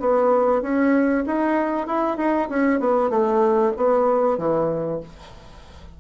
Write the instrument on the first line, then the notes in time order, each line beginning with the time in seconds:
bassoon
0.00 B3
0.62 C#4
1.26 D#4
1.87 E4
2.17 D#4
2.49 C#4
2.80 B3
3.10 A3
3.77 B3
4.38 E3